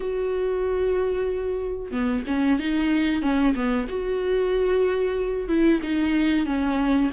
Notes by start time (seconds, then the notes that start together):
0.00 F#4
1.91 B3
2.26 C#4
2.59 D#4
3.22 C#4
3.55 B3
3.88 F#4
5.48 E4
5.82 D#4
6.46 C#4